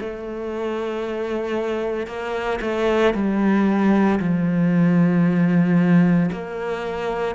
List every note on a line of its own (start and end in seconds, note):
0.00 2.07 A3
2.07 2.59 A#3
2.61 3.14 A3
3.14 4.20 G3
4.20 6.30 F3
6.32 7.35 A#3